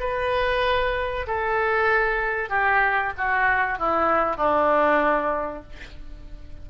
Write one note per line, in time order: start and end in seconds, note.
0.00 1.26 B4
1.27 2.50 A4
2.50 3.13 G4
3.18 3.79 F#4
3.79 4.37 E4
4.37 5.63 D4